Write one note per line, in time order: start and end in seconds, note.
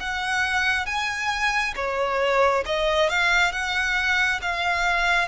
0.00 0.86 F#5
0.86 1.74 G#5
1.76 2.64 C#5
2.66 3.09 D#5
3.09 3.52 F5
3.52 4.40 F#5
4.42 5.28 F5